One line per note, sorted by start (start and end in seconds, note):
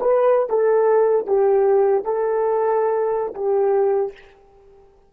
0.00 0.49 B4
0.49 1.26 A4
1.26 2.04 G4
2.05 3.34 A4
3.34 4.12 G4